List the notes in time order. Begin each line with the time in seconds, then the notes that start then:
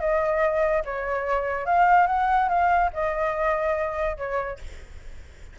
0.00 D#5
0.85 C#5
1.66 F5
2.07 F#5
2.49 F5
2.93 D#5
4.17 C#5